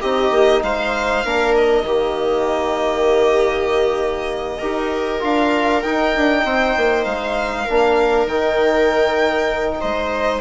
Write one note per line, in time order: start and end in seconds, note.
0.00 0.30 C4
0.00 1.24 D#4
0.00 0.61 G4
0.00 0.62 D#5
0.30 0.61 A#3
0.62 1.24 G#3
0.62 1.24 C5
0.62 1.54 F5
1.24 1.82 A#3
1.24 1.86 D4
1.24 1.85 A#4
1.55 5.22 D#5
1.82 4.58 D#3
1.82 4.61 A#3
1.82 4.58 G4
4.58 5.22 D#4
4.58 5.20 G4
4.58 6.41 A#4
5.20 5.84 D4
5.20 5.81 F4
5.20 5.82 F5
5.82 6.15 D#4
5.82 7.68 D#4
5.82 7.04 G5
6.15 6.45 D4
6.45 6.75 C4
6.45 7.64 C5
6.76 7.05 A#3
7.04 7.67 G#3
7.04 8.26 F5
7.64 8.26 A#3
7.64 8.29 D4
7.64 9.79 A#4
8.26 9.79 D#3
8.26 10.41 D#4
8.26 9.81 G5
9.80 10.41 G#3
9.80 10.41 C5
9.80 10.41 D#5